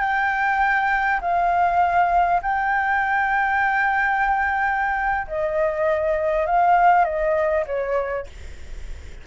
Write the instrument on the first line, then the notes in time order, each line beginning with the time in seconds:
flute
0.00 G5
1.21 F5
2.42 G5
5.27 D#5
6.46 F5
7.04 D#5
7.66 C#5